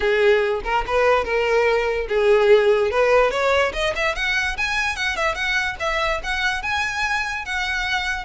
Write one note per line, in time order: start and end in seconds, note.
0.00 0.61 G#4
0.64 0.84 A#4
0.87 1.24 B4
1.24 2.07 A#4
2.08 2.90 G#4
2.90 3.30 B4
3.30 3.72 C#5
3.73 3.94 D#5
3.95 4.15 E5
4.15 4.56 F#5
4.57 4.96 G#5
4.96 5.16 F#5
5.16 5.34 E5
5.34 5.76 F#5
5.79 6.21 E5
6.23 6.62 F#5
6.62 7.45 G#5
7.45 8.24 F#5